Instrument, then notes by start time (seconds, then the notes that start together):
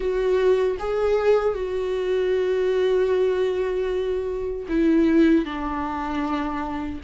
viola
0.00 F#4
0.79 G#4
1.54 F#4
4.69 E4
5.45 D4